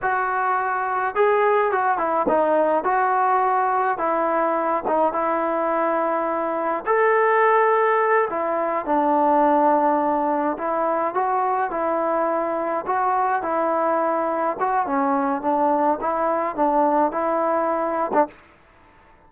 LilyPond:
\new Staff \with { instrumentName = "trombone" } { \time 4/4 \tempo 4 = 105 fis'2 gis'4 fis'8 e'8 | dis'4 fis'2 e'4~ | e'8 dis'8 e'2. | a'2~ a'8 e'4 d'8~ |
d'2~ d'8 e'4 fis'8~ | fis'8 e'2 fis'4 e'8~ | e'4. fis'8 cis'4 d'4 | e'4 d'4 e'4.~ e'16 d'16 | }